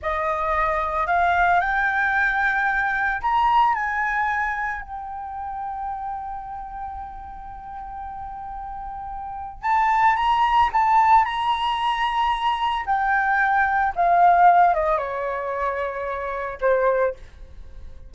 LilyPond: \new Staff \with { instrumentName = "flute" } { \time 4/4 \tempo 4 = 112 dis''2 f''4 g''4~ | g''2 ais''4 gis''4~ | gis''4 g''2.~ | g''1~ |
g''2 a''4 ais''4 | a''4 ais''2. | g''2 f''4. dis''8 | cis''2. c''4 | }